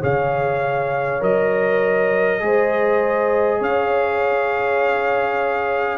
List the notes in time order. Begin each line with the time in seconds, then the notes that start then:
0.00 C#3 G#4 C#5 F5
1.20 F#3 A#4 D#5
2.40 G#3 G#4 C5
3.59 C#4 C#5 F5